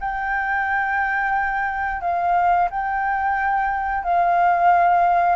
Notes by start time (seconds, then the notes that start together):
0.00 G5
2.01 F5
2.71 G5
4.04 F5